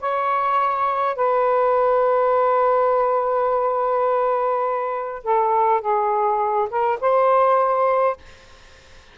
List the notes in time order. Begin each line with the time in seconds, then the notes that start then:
0.00 C#5
1.15 B4
5.24 A4
5.81 G#4
6.70 A#4
7.01 C5